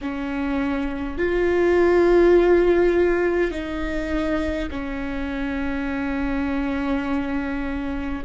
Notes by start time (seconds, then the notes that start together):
0.01 C#4
1.18 F4
3.51 D#4
4.71 C#4